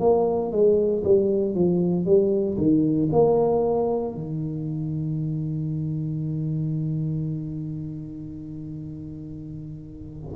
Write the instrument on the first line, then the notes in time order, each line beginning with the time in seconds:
tuba
0.00 A#3
0.52 G#3
1.04 G3
1.55 F3
2.06 G3
2.58 D#3
3.12 A#3
4.15 D#3